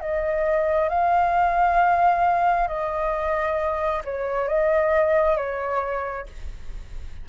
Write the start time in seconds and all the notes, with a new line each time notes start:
0.00 D#5
0.89 F5
2.68 D#5
4.05 C#5
4.48 D#5
5.36 C#5